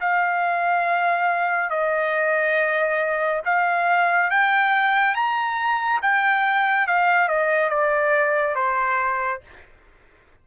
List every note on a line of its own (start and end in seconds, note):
0.00 1.69 F5
1.69 3.41 D#5
3.45 4.30 F5
4.30 5.14 G5
5.14 6.00 A#5
6.02 6.87 G5
6.87 7.28 F5
7.28 7.69 D#5
7.69 8.55 D5
8.55 9.41 C5